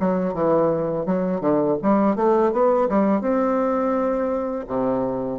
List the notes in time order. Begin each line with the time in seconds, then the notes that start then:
0.00 F#3
0.34 E3
1.06 F#3
1.41 D3
1.82 G3
2.16 A3
2.52 B3
2.89 G3
3.21 C4
4.68 C3